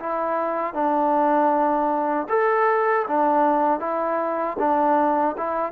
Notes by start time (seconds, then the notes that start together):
0.00 E4
0.73 D4
2.29 A4
3.07 D4
3.80 E4
4.59 D4
5.37 E4